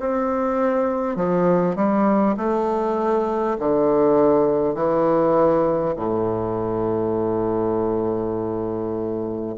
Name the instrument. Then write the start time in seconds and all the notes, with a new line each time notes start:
bassoon
0.00 C4
1.16 F3
1.76 G3
2.38 A3
3.59 D3
4.75 E3
5.97 A2